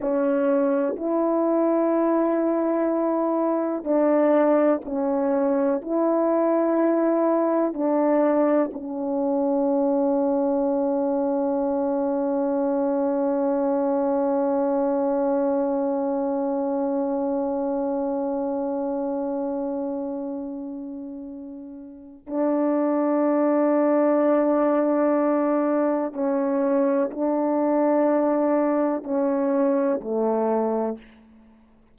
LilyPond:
\new Staff \with { instrumentName = "horn" } { \time 4/4 \tempo 4 = 62 cis'4 e'2. | d'4 cis'4 e'2 | d'4 cis'2.~ | cis'1~ |
cis'1~ | cis'2. d'4~ | d'2. cis'4 | d'2 cis'4 a4 | }